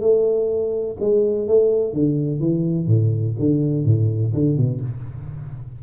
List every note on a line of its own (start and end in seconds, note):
0.00 0.96 A3
1.00 1.47 G#3
1.47 1.93 A3
1.93 2.39 D3
2.39 2.86 E3
2.86 3.34 A2
3.39 3.85 D3
3.85 4.33 A2
4.34 4.56 D3
4.56 4.80 B2